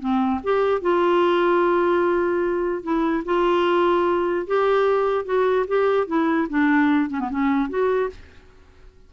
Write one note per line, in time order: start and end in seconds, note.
0.00 0.41 C4
0.43 0.81 G4
0.81 2.83 F4
2.83 3.23 E4
3.25 4.47 F4
4.47 5.25 G4
5.25 5.66 F#4
5.68 6.07 G4
6.07 6.48 E4
6.50 7.10 D4
7.10 7.20 C#4
7.20 7.30 B3
7.30 7.69 C#4
7.69 8.10 F#4